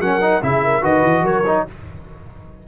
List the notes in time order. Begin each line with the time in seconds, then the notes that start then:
0.00 F#3 C#4 A#4 F#5
0.21 D#4
0.42 C#3 E4 G#4 E5
0.64 A#4
0.82 D#3 F#4 B4 D#5
1.03 E3
1.22 F#3 A#4 C#5
1.47 D#4